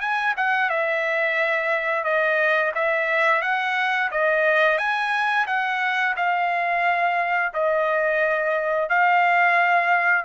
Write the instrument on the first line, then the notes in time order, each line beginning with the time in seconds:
trumpet
0.00 G#5
0.37 F#5
0.69 E5
2.04 D#5
2.74 E5
3.41 F#5
4.11 D#5
4.78 G#5
5.47 F#5
6.16 F5
7.53 D#5
8.89 F5